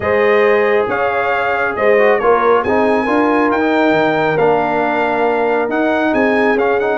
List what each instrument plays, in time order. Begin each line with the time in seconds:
0.00 tuba G#3, trombone G#4, horn C5, trumpet D#5
0.88 tuba C#4, horn C#5, trumpet F5
1.75 tuba G#3, horn C5, trumpet D#5
1.98 trombone F#4
2.19 tuba A#3, trombone F4, horn A#4, trumpet C#5
2.62 tuba C4, trombone D#4, horn G#4, trumpet G#5
3.03 tuba D4, trombone F4, horn A#4
3.51 tuba D#4, trumpet G5
3.60 trombone D#4
3.91 tuba D#3
4.37 tuba A#3, trombone D4, trumpet F5
5.68 tuba D#4, trombone D#4, trumpet F#5
6.11 tuba C4, horn G#4, trumpet G#5
6.54 tuba C#4, trombone C#4, trumpet F5
6.79 trombone D#4, trumpet F#5